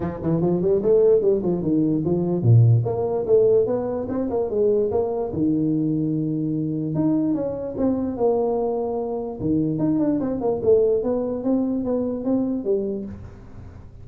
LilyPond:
\new Staff \with { instrumentName = "tuba" } { \time 4/4 \tempo 4 = 147 f8 e8 f8 g8 a4 g8 f8 | dis4 f4 ais,4 ais4 | a4 b4 c'8 ais8 gis4 | ais4 dis2.~ |
dis4 dis'4 cis'4 c'4 | ais2. dis4 | dis'8 d'8 c'8 ais8 a4 b4 | c'4 b4 c'4 g4 | }